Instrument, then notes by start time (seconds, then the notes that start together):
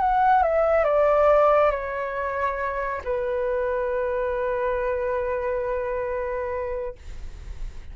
flute
0.00 F#5
0.43 E5
0.85 D5
1.72 C#5
3.05 B4